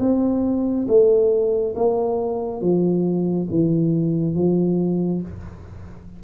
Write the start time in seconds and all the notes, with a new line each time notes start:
0.00 C4
0.88 A3
1.76 A#3
2.62 F3
3.51 E3
4.36 F3